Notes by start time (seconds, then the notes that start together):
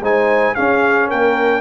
0.00 G#3 D#4 C5 G#5
0.54 C#4 G#4 F5
1.08 A#3 A#4 G5